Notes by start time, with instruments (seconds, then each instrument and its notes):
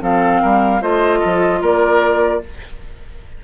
0.00 bassoon F3, clarinet C4, oboe A4, flute F5
0.42 bassoon G3, oboe A#4
0.81 bassoon A3, clarinet F4, oboe C5, flute D#5
1.19 bassoon F3, oboe A4
1.62 bassoon A#3, oboe A#4, flute D5